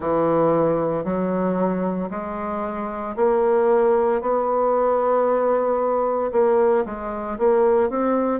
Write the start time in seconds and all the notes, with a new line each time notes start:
0.00 E3
1.04 F#3
2.10 G#3
3.16 A#3
4.21 B3
6.32 A#3
6.85 G#3
7.38 A#3
7.89 C4